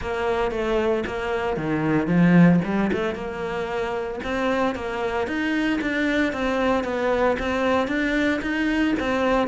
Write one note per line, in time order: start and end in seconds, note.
0.01 0.51 A#3
0.51 1.04 A3
1.06 1.56 A#3
1.56 2.07 D#3
2.07 2.60 F3
2.64 2.90 G3
2.92 3.14 A3
3.14 4.20 A#3
4.23 4.75 C4
4.75 5.27 A#3
5.27 5.79 D#4
5.81 6.33 D4
6.33 6.83 C4
6.83 7.36 B3
7.39 7.87 C4
7.87 8.40 D4
8.41 8.94 D#4
8.99 9.47 C4